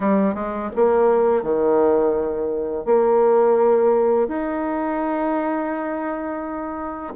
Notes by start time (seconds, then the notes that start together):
0.00 G3
0.34 G#3
0.75 A#3
1.43 D#3
2.85 A#3
4.28 D#4